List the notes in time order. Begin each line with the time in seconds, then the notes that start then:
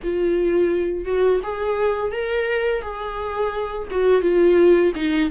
0.03 F4
1.05 F#4
1.43 G#4
2.12 A#4
2.82 G#4
3.90 F#4
4.21 F4
4.95 D#4